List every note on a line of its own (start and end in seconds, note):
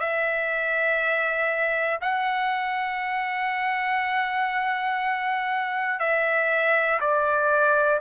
0.00 2.00 E5
2.01 6.00 F#5
6.00 7.00 E5
7.00 8.00 D5